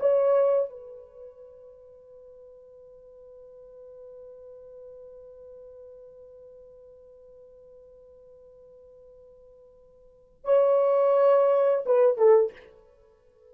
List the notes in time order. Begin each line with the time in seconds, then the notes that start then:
0.00 C#5
0.70 B4
10.45 C#5
11.86 B4
12.17 A4